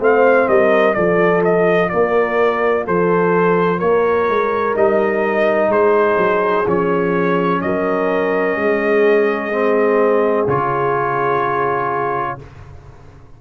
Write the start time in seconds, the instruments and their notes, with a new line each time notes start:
0.00 tuba A3, trombone C4, horn C5, trumpet F5
0.48 tuba G3, horn A#4, trumpet D#5
0.94 tuba F3, trombone F4, horn A4, trumpet D5
1.44 trumpet D#5
1.89 tuba A#3, horn A#4, trumpet D5
2.85 tuba F3, horn A4, trumpet C5
3.79 tuba A#3, horn A#4, trumpet C#5
4.29 tuba G#3
4.74 tuba G3, trombone D#4, trumpet D#5
5.69 tuba G#3, horn G#4, trumpet C5
6.17 tuba F#3
6.67 tuba F3, trombone C#4, trumpet C#5
7.62 tuba F#3, horn A#4, trumpet D#5
8.56 tuba G#3, horn G#4
9.52 trombone C4
10.48 tuba C#3, trombone F4, trumpet C#5